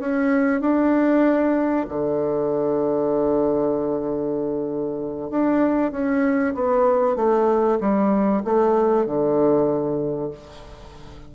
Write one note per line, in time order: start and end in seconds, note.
0.00 0.61 C#4
0.61 1.86 D4
1.89 5.31 D3
5.31 5.92 D4
5.92 6.54 C#4
6.55 7.16 B3
7.16 7.79 A3
7.81 8.43 G3
8.45 9.06 A3
9.06 10.31 D3